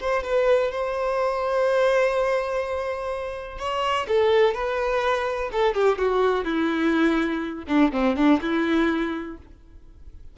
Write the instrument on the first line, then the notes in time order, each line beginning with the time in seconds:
violin
0.00 C5
0.24 B4
0.72 C5
3.59 C#5
4.08 A4
4.54 B4
5.52 A4
5.74 G4
5.99 F#4
6.45 E4
7.68 D4
7.92 C4
8.17 D4
8.42 E4